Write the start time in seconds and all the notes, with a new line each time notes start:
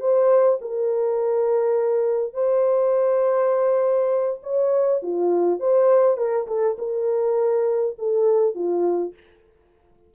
0.00 C5
0.61 A#4
2.34 C5
4.43 C#5
5.03 F4
5.60 C5
6.17 A#4
6.47 A4
6.78 A#4
7.98 A4
8.55 F4